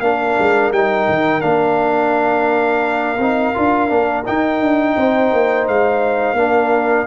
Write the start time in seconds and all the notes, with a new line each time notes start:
0.00 A#3 D4 A#4 F5
0.38 G#3
0.71 G3 D#4 G5
1.09 D#3
1.41 A#3 D4 F5
3.18 C4 D#4
3.54 D4 F4
3.89 A#3 D4
4.25 D#4 G5
4.60 D4
4.96 C4 C5
5.32 A#3
5.67 G#3 F5
6.33 A#3 D4 A#4